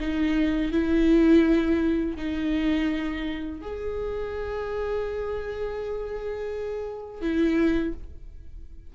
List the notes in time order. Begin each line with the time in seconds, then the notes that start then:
0.00 D#4
0.72 E4
2.17 D#4
3.62 G#4
7.22 E4